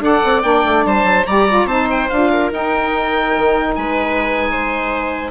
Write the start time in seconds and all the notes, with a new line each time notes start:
0.00 D4 A4 D5 F#5
0.25 C4
0.43 A#3 D4 G5
0.65 A3
0.86 G3 C5 A5
1.05 F#3
1.27 G3 G4 D5 A#5
1.49 F4
1.66 C4 D#4 C5 A5
1.91 G5
2.10 D4 F4 F5
2.32 A#4
2.51 D#4 G5
3.38 D#3
3.75 G#3 B4 G#5
4.52 C5